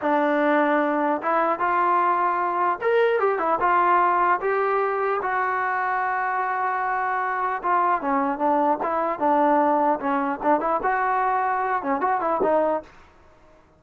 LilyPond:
\new Staff \with { instrumentName = "trombone" } { \time 4/4 \tempo 4 = 150 d'2. e'4 | f'2. ais'4 | g'8 e'8 f'2 g'4~ | g'4 fis'2.~ |
fis'2. f'4 | cis'4 d'4 e'4 d'4~ | d'4 cis'4 d'8 e'8 fis'4~ | fis'4. cis'8 fis'8 e'8 dis'4 | }